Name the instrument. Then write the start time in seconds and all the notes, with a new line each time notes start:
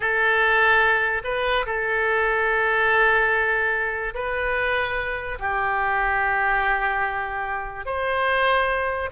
oboe
0.00 A4
1.24 B4
1.66 A4
4.14 B4
5.39 G4
7.85 C5